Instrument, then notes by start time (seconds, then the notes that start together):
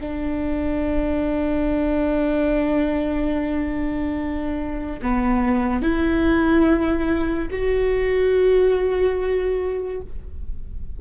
viola
0.00 D4
5.02 B3
5.82 E4
7.51 F#4